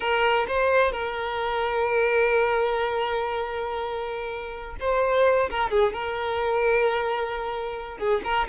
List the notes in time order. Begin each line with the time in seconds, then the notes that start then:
0.00 A#4
0.47 C5
0.92 A#4
4.79 C5
5.49 A#4
5.70 G#4
5.93 A#4
7.98 G#4
8.24 A#4